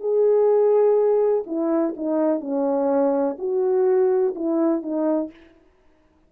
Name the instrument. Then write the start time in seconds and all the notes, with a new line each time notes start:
horn
0.00 G#4
1.47 E4
1.97 D#4
2.41 C#4
3.39 F#4
4.35 E4
4.83 D#4